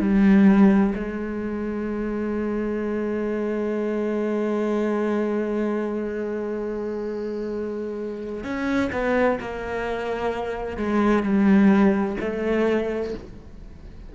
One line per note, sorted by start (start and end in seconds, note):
0.00 0.94 G3
0.95 8.44 G#3
8.44 8.91 C#4
8.92 9.39 B3
9.40 10.77 A#3
10.77 11.23 G#3
11.23 12.17 G3
12.20 13.14 A3